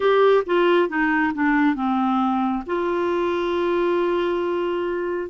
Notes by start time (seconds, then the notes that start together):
0.00 G4
0.46 F4
0.88 D#4
1.34 D4
1.75 C4
2.66 F4